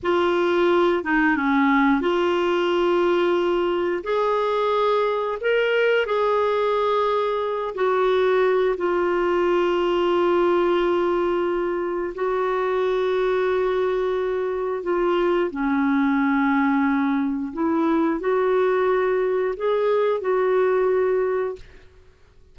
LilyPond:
\new Staff \with { instrumentName = "clarinet" } { \time 4/4 \tempo 4 = 89 f'4. dis'8 cis'4 f'4~ | f'2 gis'2 | ais'4 gis'2~ gis'8 fis'8~ | fis'4 f'2.~ |
f'2 fis'2~ | fis'2 f'4 cis'4~ | cis'2 e'4 fis'4~ | fis'4 gis'4 fis'2 | }